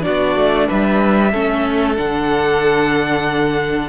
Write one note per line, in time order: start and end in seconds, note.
0.00 1.29 D4
0.00 0.67 F#4
0.00 0.67 D5
0.07 0.35 B3
0.35 0.68 A3
0.67 1.33 G3
0.67 1.31 B4
0.67 1.96 E5
1.31 1.97 A3
1.31 1.96 C#4
1.31 3.88 A4
1.96 3.88 D3
1.96 3.88 D4
1.96 3.88 F#5